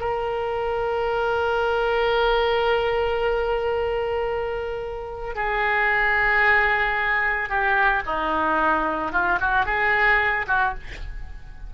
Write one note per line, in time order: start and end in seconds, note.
0.00 5.35 A#4
5.35 7.49 G#4
7.49 8.03 G4
8.06 9.12 D#4
9.12 9.39 F4
9.41 9.66 F#4
9.66 10.46 G#4
10.47 10.74 F#4